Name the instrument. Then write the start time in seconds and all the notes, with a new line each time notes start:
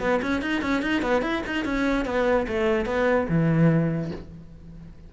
cello
0.00 B3
0.22 C#4
0.41 D#4
0.61 C#4
0.82 D#4
1.02 B3
1.22 E4
1.46 D#4
1.65 C#4
2.05 B3
2.48 A3
2.86 B3
3.29 E3